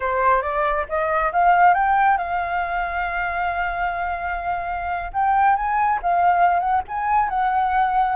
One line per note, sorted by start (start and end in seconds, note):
0.00 0.42 C5
0.42 0.85 D5
0.88 1.32 D#5
1.32 1.74 F5
1.74 2.17 G5
2.17 5.11 F5
5.13 5.56 G5
5.56 5.99 G#5
6.02 6.59 F5
6.59 6.81 F#5
6.88 7.29 G#5
7.29 8.15 F#5